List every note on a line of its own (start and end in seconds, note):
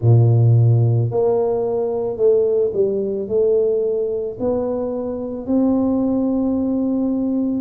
0.01 1.11 A#2
1.11 2.16 A#3
2.16 2.71 A3
2.73 3.27 G3
3.28 4.37 A3
4.39 5.46 B3
5.46 7.61 C4